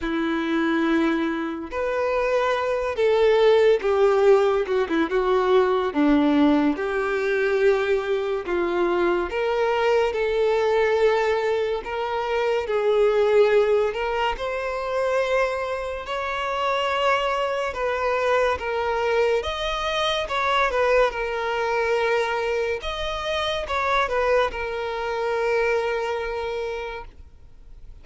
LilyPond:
\new Staff \with { instrumentName = "violin" } { \time 4/4 \tempo 4 = 71 e'2 b'4. a'8~ | a'8 g'4 fis'16 e'16 fis'4 d'4 | g'2 f'4 ais'4 | a'2 ais'4 gis'4~ |
gis'8 ais'8 c''2 cis''4~ | cis''4 b'4 ais'4 dis''4 | cis''8 b'8 ais'2 dis''4 | cis''8 b'8 ais'2. | }